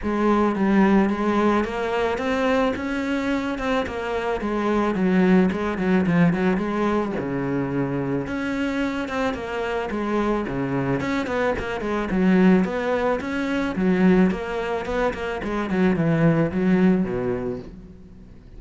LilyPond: \new Staff \with { instrumentName = "cello" } { \time 4/4 \tempo 4 = 109 gis4 g4 gis4 ais4 | c'4 cis'4. c'8 ais4 | gis4 fis4 gis8 fis8 f8 fis8 | gis4 cis2 cis'4~ |
cis'8 c'8 ais4 gis4 cis4 | cis'8 b8 ais8 gis8 fis4 b4 | cis'4 fis4 ais4 b8 ais8 | gis8 fis8 e4 fis4 b,4 | }